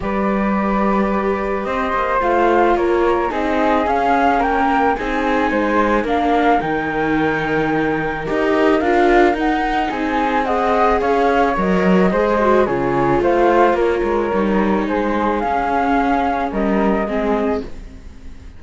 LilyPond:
<<
  \new Staff \with { instrumentName = "flute" } { \time 4/4 \tempo 4 = 109 d''2. dis''4 | f''4 cis''4 dis''4 f''4 | g''4 gis''2 f''4 | g''2. dis''4 |
f''4 fis''4 gis''4 fis''4 | f''4 dis''2 cis''4 | f''4 cis''2 c''4 | f''2 dis''2 | }
  \new Staff \with { instrumentName = "flute" } { \time 4/4 b'2. c''4~ | c''4 ais'4 gis'2 | ais'4 gis'4 c''4 ais'4~ | ais'1~ |
ais'2 gis'4 dis''4 | cis''2 c''4 gis'4 | c''4 ais'2 gis'4~ | gis'2 ais'4 gis'4 | }
  \new Staff \with { instrumentName = "viola" } { \time 4/4 g'1 | f'2 dis'4 cis'4~ | cis'4 dis'2 d'4 | dis'2. g'4 |
f'4 dis'2 gis'4~ | gis'4 ais'4 gis'8 fis'8 f'4~ | f'2 dis'2 | cis'2. c'4 | }
  \new Staff \with { instrumentName = "cello" } { \time 4/4 g2. c'8 ais8 | a4 ais4 c'4 cis'4 | ais4 c'4 gis4 ais4 | dis2. dis'4 |
d'4 dis'4 c'2 | cis'4 fis4 gis4 cis4 | a4 ais8 gis8 g4 gis4 | cis'2 g4 gis4 | }
>>